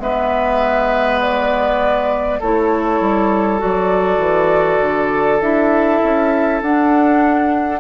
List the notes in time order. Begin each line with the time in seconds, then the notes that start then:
0.00 G#3 B3 B4 E5
1.21 D5
2.40 A3 E4 A4 C#5
3.01 G3
3.59 F#3 F#4 D5
4.18 E3
4.81 D3
5.41 D4 E4 E5
6.04 C#4
6.62 D4 F#5